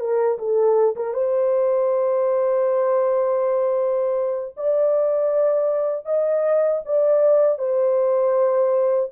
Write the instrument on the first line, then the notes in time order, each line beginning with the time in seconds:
horn
0.00 A#4
0.38 A4
0.96 A#4
1.14 C5
4.56 D5
6.05 D#5
6.85 D5
7.58 C5